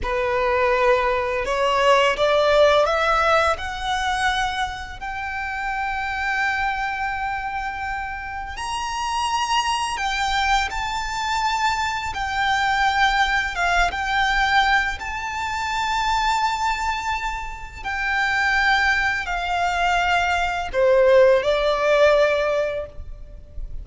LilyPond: \new Staff \with { instrumentName = "violin" } { \time 4/4 \tempo 4 = 84 b'2 cis''4 d''4 | e''4 fis''2 g''4~ | g''1 | ais''2 g''4 a''4~ |
a''4 g''2 f''8 g''8~ | g''4 a''2.~ | a''4 g''2 f''4~ | f''4 c''4 d''2 | }